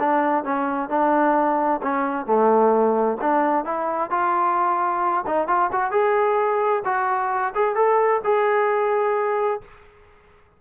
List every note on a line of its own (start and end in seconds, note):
0.00 0.44 D4
0.44 0.90 C#4
0.90 1.81 D4
1.83 2.26 C#4
2.26 3.18 A3
3.21 3.65 D4
3.65 4.11 E4
4.11 5.25 F4
5.27 5.48 D#4
5.48 5.71 F4
5.72 5.92 F#4
5.92 6.83 G#4
6.85 7.54 F#4
7.55 7.76 G#4
7.76 8.22 A4
8.24 9.62 G#4